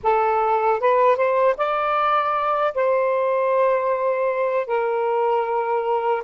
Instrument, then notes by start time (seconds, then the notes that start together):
saxophone
0.03 A4
0.80 B4
1.16 C5
1.57 D5
2.74 C5
4.66 A#4